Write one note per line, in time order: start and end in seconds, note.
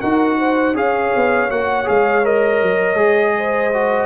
0.00 0.74 D#4
0.00 0.75 F#4
0.00 0.37 A#4
0.00 0.75 F#5
0.38 0.75 C5
0.74 1.11 C#4
0.74 1.49 G#4
0.74 3.34 C#5
0.74 1.50 F5
1.15 1.50 B3
1.49 1.87 A#3
1.49 1.84 F#4
1.49 1.87 F#5
1.84 2.62 G#3
1.84 2.21 G#4
1.84 2.25 F5
2.23 2.96 A#4
2.23 4.05 D#5
2.62 2.94 F#3
2.94 4.05 G#3
2.94 3.70 G#4
3.37 4.05 C5
3.73 4.05 F#4